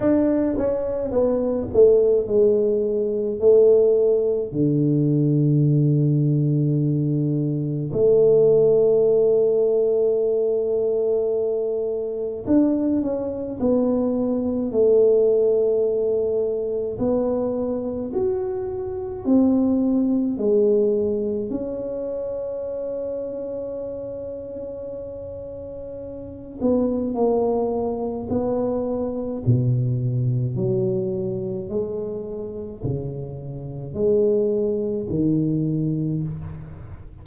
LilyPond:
\new Staff \with { instrumentName = "tuba" } { \time 4/4 \tempo 4 = 53 d'8 cis'8 b8 a8 gis4 a4 | d2. a4~ | a2. d'8 cis'8 | b4 a2 b4 |
fis'4 c'4 gis4 cis'4~ | cis'2.~ cis'8 b8 | ais4 b4 b,4 fis4 | gis4 cis4 gis4 dis4 | }